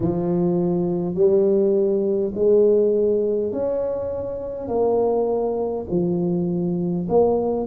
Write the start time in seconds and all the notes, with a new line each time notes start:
0.00 F3
1.14 G3
2.35 G#3
3.52 C#4
4.67 A#3
5.89 F3
7.09 A#3